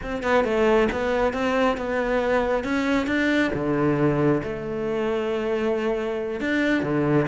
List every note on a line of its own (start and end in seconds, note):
0.02 0.22 C4
0.22 0.44 B3
0.44 0.88 A3
0.92 1.33 B3
1.33 1.77 C4
1.77 2.64 B3
2.64 3.07 C#4
3.07 3.51 D4
3.53 4.42 D3
4.43 6.40 A3
6.40 6.82 D4
6.82 7.26 D3